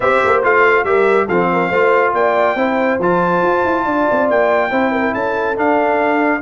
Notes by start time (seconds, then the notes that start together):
0.00 C4 G4 C5 E5
0.25 A#3
0.43 A3 F4 F5
0.84 G3 G4 A#4 E5
1.26 F3 C4 A4 F5
1.52 A#4
1.69 A3 F4 C5
2.13 A#3 D5 G5
2.55 C4 E4 C5
2.99 F3 F4 A5
3.42 F4
3.64 E4
3.85 D4 D5
4.11 C4
4.29 A#3 G5
4.70 C4 E4 C5
4.91 A#4
5.12 C#4 A4 A5
5.55 D4 F5